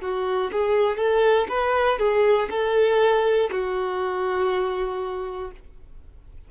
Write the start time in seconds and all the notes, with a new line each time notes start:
0.00 F#4
0.52 G#4
0.97 A4
1.48 B4
1.99 G#4
2.50 A4
3.51 F#4